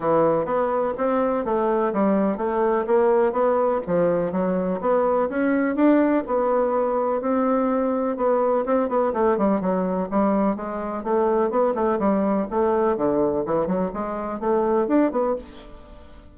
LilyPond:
\new Staff \with { instrumentName = "bassoon" } { \time 4/4 \tempo 4 = 125 e4 b4 c'4 a4 | g4 a4 ais4 b4 | f4 fis4 b4 cis'4 | d'4 b2 c'4~ |
c'4 b4 c'8 b8 a8 g8 | fis4 g4 gis4 a4 | b8 a8 g4 a4 d4 | e8 fis8 gis4 a4 d'8 b8 | }